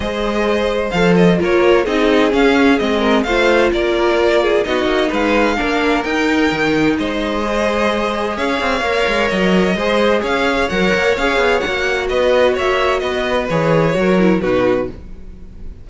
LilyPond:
<<
  \new Staff \with { instrumentName = "violin" } { \time 4/4 \tempo 4 = 129 dis''2 f''8 dis''8 cis''4 | dis''4 f''4 dis''4 f''4 | d''2 dis''4 f''4~ | f''4 g''2 dis''4~ |
dis''2 f''2 | dis''2 f''4 fis''4 | f''4 fis''4 dis''4 e''4 | dis''4 cis''2 b'4 | }
  \new Staff \with { instrumentName = "violin" } { \time 4/4 c''2. ais'4 | gis'2~ gis'8 ais'8 c''4 | ais'4. gis'8 fis'4 b'4 | ais'2. c''4~ |
c''2 cis''2~ | cis''4 c''4 cis''2~ | cis''2 b'4 cis''4 | b'2 ais'4 fis'4 | }
  \new Staff \with { instrumentName = "viola" } { \time 4/4 gis'2 a'4 f'4 | dis'4 cis'4 c'4 f'4~ | f'2 dis'2 | d'4 dis'2. |
gis'2. ais'4~ | ais'4 gis'2 ais'4 | gis'4 fis'2.~ | fis'4 gis'4 fis'8 e'8 dis'4 | }
  \new Staff \with { instrumentName = "cello" } { \time 4/4 gis2 f4 ais4 | c'4 cis'4 gis4 a4 | ais2 b8 ais8 gis4 | ais4 dis'4 dis4 gis4~ |
gis2 cis'8 c'8 ais8 gis8 | fis4 gis4 cis'4 fis8 ais8 | cis'8 b8 ais4 b4 ais4 | b4 e4 fis4 b,4 | }
>>